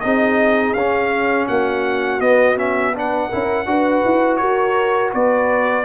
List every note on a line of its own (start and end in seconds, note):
0.00 0.74 C4
0.00 0.76 D#4
0.00 1.48 G#4
0.00 0.73 D#5
0.73 1.47 C#4
0.73 2.21 C#4
0.73 1.46 F5
1.48 2.20 A#3
1.48 2.95 F#4
1.48 2.20 F#5
2.20 3.30 B3
2.20 2.56 B3
2.20 2.57 D#5
2.56 2.93 C#4
2.56 2.95 E5
2.94 3.30 D4
2.94 3.29 B4
2.94 4.36 F#5
3.29 3.66 C#4
3.29 3.66 E4
3.29 3.65 A#4
3.66 4.02 D4
3.66 5.85 F#4
3.66 4.41 B4
4.05 4.41 E4
4.36 5.14 F#4
4.36 5.12 A#4
4.36 5.10 C#5
5.12 5.85 B3
5.12 5.85 B4
5.12 5.85 D5